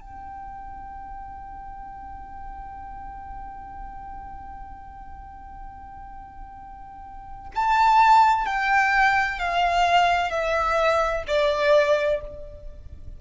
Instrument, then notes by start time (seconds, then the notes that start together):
violin
0.00 G5
7.55 A5
8.46 G5
9.39 F5
10.30 E5
11.27 D5